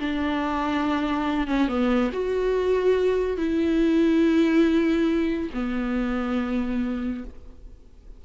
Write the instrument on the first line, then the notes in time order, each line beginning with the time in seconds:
viola
0.00 D4
1.48 C#4
1.68 B3
2.13 F#4
3.38 E4
5.54 B3